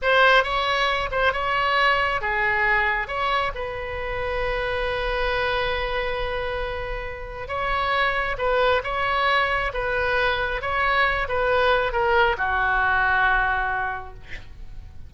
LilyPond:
\new Staff \with { instrumentName = "oboe" } { \time 4/4 \tempo 4 = 136 c''4 cis''4. c''8 cis''4~ | cis''4 gis'2 cis''4 | b'1~ | b'1~ |
b'4 cis''2 b'4 | cis''2 b'2 | cis''4. b'4. ais'4 | fis'1 | }